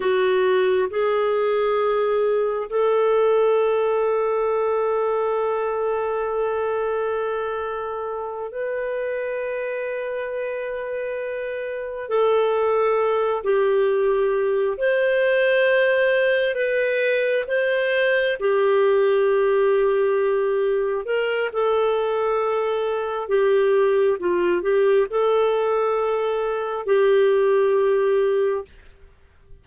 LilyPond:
\new Staff \with { instrumentName = "clarinet" } { \time 4/4 \tempo 4 = 67 fis'4 gis'2 a'4~ | a'1~ | a'4. b'2~ b'8~ | b'4. a'4. g'4~ |
g'8 c''2 b'4 c''8~ | c''8 g'2. ais'8 | a'2 g'4 f'8 g'8 | a'2 g'2 | }